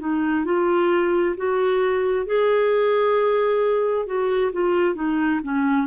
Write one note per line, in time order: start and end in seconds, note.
0.00 0.45 D#4
0.45 1.36 F4
1.37 2.26 F#4
2.26 4.06 G#4
4.06 4.52 F#4
4.53 4.95 F4
4.95 5.40 D#4
5.43 5.87 C#4